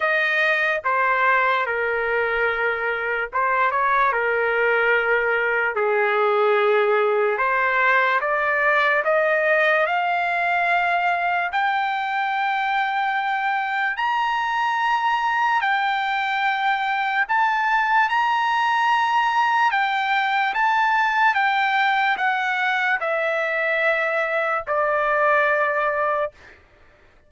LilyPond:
\new Staff \with { instrumentName = "trumpet" } { \time 4/4 \tempo 4 = 73 dis''4 c''4 ais'2 | c''8 cis''8 ais'2 gis'4~ | gis'4 c''4 d''4 dis''4 | f''2 g''2~ |
g''4 ais''2 g''4~ | g''4 a''4 ais''2 | g''4 a''4 g''4 fis''4 | e''2 d''2 | }